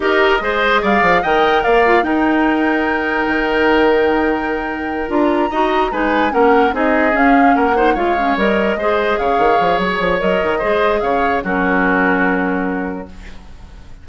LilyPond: <<
  \new Staff \with { instrumentName = "flute" } { \time 4/4 \tempo 4 = 147 dis''2 f''4 g''4 | f''4 g''2.~ | g''1~ | g''8 ais''2 gis''4 fis''8~ |
fis''8 dis''4 f''4 fis''4 f''8~ | f''8 dis''2 f''4. | cis''4 dis''2 f''4 | ais'1 | }
  \new Staff \with { instrumentName = "oboe" } { \time 4/4 ais'4 c''4 d''4 dis''4 | d''4 ais'2.~ | ais'1~ | ais'4. dis''4 b'4 ais'8~ |
ais'8 gis'2 ais'8 c''8 cis''8~ | cis''4. c''4 cis''4.~ | cis''2 c''4 cis''4 | fis'1 | }
  \new Staff \with { instrumentName = "clarinet" } { \time 4/4 g'4 gis'2 ais'4~ | ais'8 f'8 dis'2.~ | dis'1~ | dis'8 f'4 fis'4 dis'4 cis'8~ |
cis'8 dis'4 cis'4. dis'8 f'8 | cis'8 ais'4 gis'2~ gis'8~ | gis'4 ais'4 gis'2 | cis'1 | }
  \new Staff \with { instrumentName = "bassoon" } { \time 4/4 dis'4 gis4 g8 f8 dis4 | ais4 dis'2. | dis1~ | dis8 d'4 dis'4 gis4 ais8~ |
ais8 c'4 cis'4 ais4 gis8~ | gis8 g4 gis4 cis8 dis8 f8 | fis8 f8 fis8 dis8 gis4 cis4 | fis1 | }
>>